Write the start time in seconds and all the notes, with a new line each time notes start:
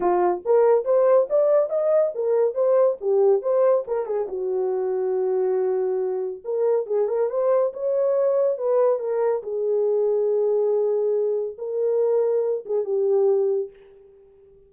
0.00 F4
0.45 A#4
0.85 C5
1.29 D5
1.69 D#5
2.14 A#4
2.54 C5
3.01 G4
3.42 C5
3.87 A#4
4.06 G#4
4.28 F#4
6.44 A#4
6.86 G#4
7.08 A#4
7.29 C5
7.73 C#5
8.57 B4
8.99 A#4
9.42 G#4
11.57 A#4
12.65 G#4
12.84 G4